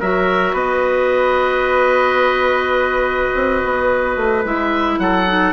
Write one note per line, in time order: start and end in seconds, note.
0.00 0.53 F#3
0.00 4.46 F#4
0.00 0.53 A#4
0.00 0.56 E5
0.53 3.31 B3
0.53 4.98 B4
0.53 4.45 D#5
3.35 3.63 C4
3.64 4.17 B3
4.17 4.44 A3
4.45 4.98 G#3
4.45 5.27 E4
4.45 4.99 E5
4.98 5.53 F#3
4.98 5.53 A4
4.98 5.53 F#5
5.27 5.53 D#4